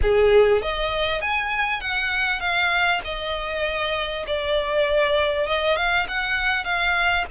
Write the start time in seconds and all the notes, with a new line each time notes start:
0.02 G#4
0.62 D#5
1.21 G#5
1.80 F#5
2.40 F5
3.04 D#5
4.26 D5
5.46 D#5
5.76 F5
6.08 F#5
6.64 F5